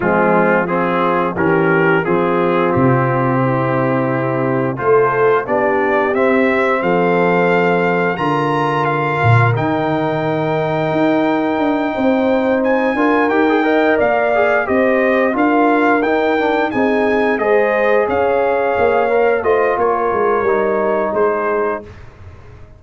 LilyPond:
<<
  \new Staff \with { instrumentName = "trumpet" } { \time 4/4 \tempo 4 = 88 f'4 gis'4 ais'4 gis'4 | g'2. c''4 | d''4 e''4 f''2 | ais''4 f''4 g''2~ |
g''2~ g''8 gis''4 g''8~ | g''8 f''4 dis''4 f''4 g''8~ | g''8 gis''4 dis''4 f''4.~ | f''8 dis''8 cis''2 c''4 | }
  \new Staff \with { instrumentName = "horn" } { \time 4/4 c'4 f'4 g'4 f'4~ | f'4 e'2 a'4 | g'2 a'2 | ais'1~ |
ais'4. c''4. ais'4 | dis''8 d''4 c''4 ais'4.~ | ais'8 gis'4 c''4 cis''4.~ | cis''8 c''8 ais'2 gis'4 | }
  \new Staff \with { instrumentName = "trombone" } { \time 4/4 gis4 c'4 cis'4 c'4~ | c'2. f'4 | d'4 c'2. | f'2 dis'2~ |
dis'2. f'8 g'16 gis'16 | ais'4 gis'8 g'4 f'4 dis'8 | d'8 dis'4 gis'2~ gis'8 | ais'8 f'4. dis'2 | }
  \new Staff \with { instrumentName = "tuba" } { \time 4/4 f2 e4 f4 | c2. a4 | b4 c'4 f2 | d4. ais,8 dis2 |
dis'4 d'8 c'4. d'8 dis'8~ | dis'8 ais4 c'4 d'4 dis'8~ | dis'8 c'4 gis4 cis'4 ais8~ | ais8 a8 ais8 gis8 g4 gis4 | }
>>